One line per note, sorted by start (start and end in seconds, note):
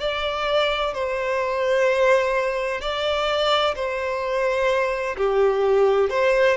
0.00 0.94 D5
0.94 2.81 C5
2.81 3.75 D5
3.75 5.16 C5
5.17 6.10 G4
6.10 6.56 C5